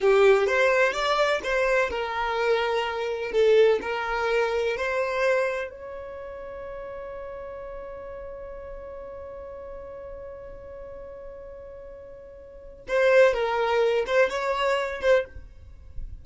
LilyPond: \new Staff \with { instrumentName = "violin" } { \time 4/4 \tempo 4 = 126 g'4 c''4 d''4 c''4 | ais'2. a'4 | ais'2 c''2 | cis''1~ |
cis''1~ | cis''1~ | cis''2. c''4 | ais'4. c''8 cis''4. c''8 | }